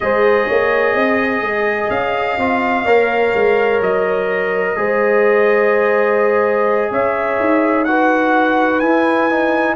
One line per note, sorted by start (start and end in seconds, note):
0.00 0.48 G#3
0.00 2.38 G#4
0.00 0.47 C5
0.00 1.89 D#5
0.47 0.94 A#3
0.47 0.94 C#5
0.94 1.41 C4
0.94 2.85 D#5
1.41 1.89 G#3
1.89 2.37 C#4
1.89 3.80 F5
2.37 2.84 C4
2.37 2.86 F4
2.84 3.32 A#3
2.84 4.76 A#4
2.84 4.75 C#5
3.35 3.81 G#3
3.81 4.76 F#3
3.81 6.91 D#5
4.76 6.91 G#3
4.76 7.86 G#4
4.76 6.91 C5
6.91 7.38 C#4
6.91 7.86 C#5
6.91 7.84 E5
7.39 8.81 D#4
7.84 8.82 F#4
7.84 9.75 B4
7.84 8.79 F#5
8.79 9.75 E4
8.79 9.30 E4
8.79 9.75 G#5
9.30 9.75 D#4